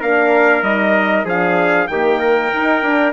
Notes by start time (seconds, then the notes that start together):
0.00 A#3 D4 A#4 F5
0.62 G3 D#4 D#5
1.24 F3 D4 G#4 F5
1.88 D#3 A#3 G4 G5
2.19 A#4
2.53 D#4
2.82 D4